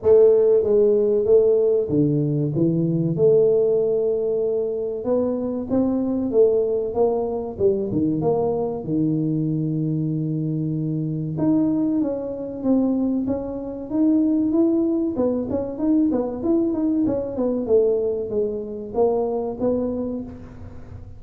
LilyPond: \new Staff \with { instrumentName = "tuba" } { \time 4/4 \tempo 4 = 95 a4 gis4 a4 d4 | e4 a2. | b4 c'4 a4 ais4 | g8 dis8 ais4 dis2~ |
dis2 dis'4 cis'4 | c'4 cis'4 dis'4 e'4 | b8 cis'8 dis'8 b8 e'8 dis'8 cis'8 b8 | a4 gis4 ais4 b4 | }